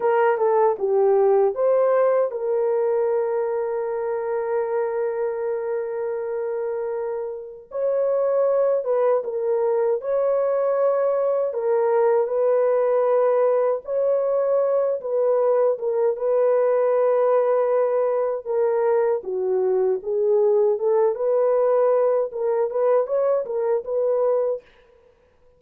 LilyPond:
\new Staff \with { instrumentName = "horn" } { \time 4/4 \tempo 4 = 78 ais'8 a'8 g'4 c''4 ais'4~ | ais'1~ | ais'2 cis''4. b'8 | ais'4 cis''2 ais'4 |
b'2 cis''4. b'8~ | b'8 ais'8 b'2. | ais'4 fis'4 gis'4 a'8 b'8~ | b'4 ais'8 b'8 cis''8 ais'8 b'4 | }